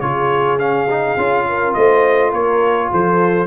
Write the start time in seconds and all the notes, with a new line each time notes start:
0.00 C#3 F4 G#4 C#5
0.58 C#4 F5
0.89 D#4
1.17 C#4 F4
1.48 A#4
1.73 A3 C5 D#5
2.29 A#3 A#4 C#5
2.91 F3 A4 C5